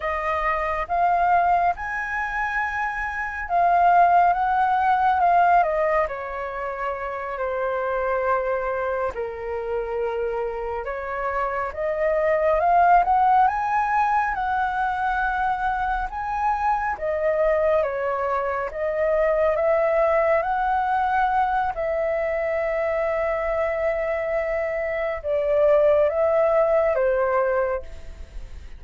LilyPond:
\new Staff \with { instrumentName = "flute" } { \time 4/4 \tempo 4 = 69 dis''4 f''4 gis''2 | f''4 fis''4 f''8 dis''8 cis''4~ | cis''8 c''2 ais'4.~ | ais'8 cis''4 dis''4 f''8 fis''8 gis''8~ |
gis''8 fis''2 gis''4 dis''8~ | dis''8 cis''4 dis''4 e''4 fis''8~ | fis''4 e''2.~ | e''4 d''4 e''4 c''4 | }